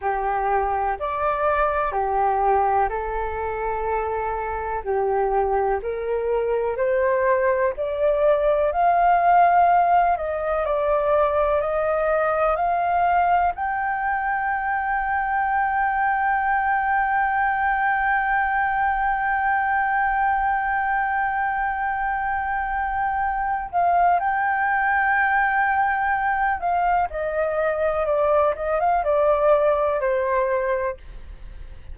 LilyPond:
\new Staff \with { instrumentName = "flute" } { \time 4/4 \tempo 4 = 62 g'4 d''4 g'4 a'4~ | a'4 g'4 ais'4 c''4 | d''4 f''4. dis''8 d''4 | dis''4 f''4 g''2~ |
g''1~ | g''1~ | g''8 f''8 g''2~ g''8 f''8 | dis''4 d''8 dis''16 f''16 d''4 c''4 | }